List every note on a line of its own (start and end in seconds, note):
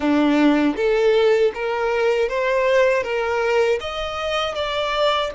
0.00 0.75 D4
0.76 1.52 A4
1.54 2.29 A#4
2.29 3.03 C5
3.03 3.79 A#4
3.80 4.55 D#5
4.55 5.31 D5